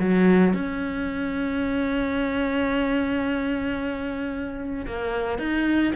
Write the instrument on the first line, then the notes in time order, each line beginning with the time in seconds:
cello
0.00 F#3
0.54 C#4
4.86 A#3
5.39 D#4